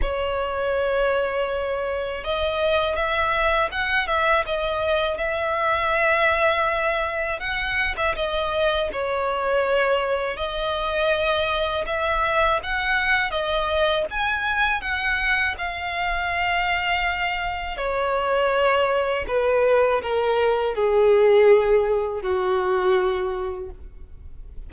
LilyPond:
\new Staff \with { instrumentName = "violin" } { \time 4/4 \tempo 4 = 81 cis''2. dis''4 | e''4 fis''8 e''8 dis''4 e''4~ | e''2 fis''8. e''16 dis''4 | cis''2 dis''2 |
e''4 fis''4 dis''4 gis''4 | fis''4 f''2. | cis''2 b'4 ais'4 | gis'2 fis'2 | }